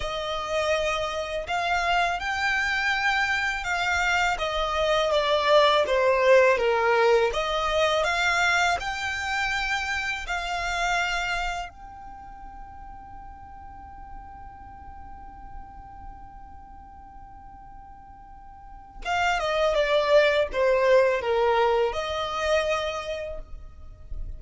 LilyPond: \new Staff \with { instrumentName = "violin" } { \time 4/4 \tempo 4 = 82 dis''2 f''4 g''4~ | g''4 f''4 dis''4 d''4 | c''4 ais'4 dis''4 f''4 | g''2 f''2 |
g''1~ | g''1~ | g''2 f''8 dis''8 d''4 | c''4 ais'4 dis''2 | }